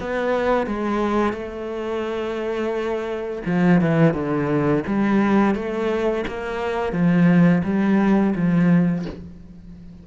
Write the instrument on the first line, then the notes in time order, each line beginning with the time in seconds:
cello
0.00 B3
0.67 G#3
1.33 A3
3.46 F3
3.81 E3
4.14 D3
4.86 G3
5.55 A3
6.27 A#3
6.92 F3
7.64 G3
8.35 F3